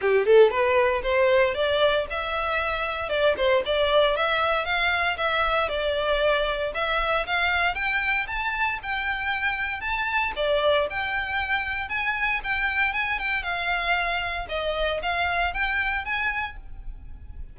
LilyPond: \new Staff \with { instrumentName = "violin" } { \time 4/4 \tempo 4 = 116 g'8 a'8 b'4 c''4 d''4 | e''2 d''8 c''8 d''4 | e''4 f''4 e''4 d''4~ | d''4 e''4 f''4 g''4 |
a''4 g''2 a''4 | d''4 g''2 gis''4 | g''4 gis''8 g''8 f''2 | dis''4 f''4 g''4 gis''4 | }